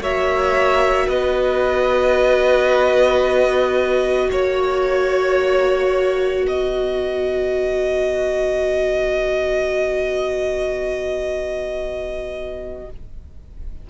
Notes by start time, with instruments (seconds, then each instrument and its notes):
0.00 cello A#3, viola F#4, violin C#5 E5
1.06 cello B3, violin B4 D#5
4.29 cello A#3, violin C#5
6.40 cello B3, violin B4
6.47 violin D#5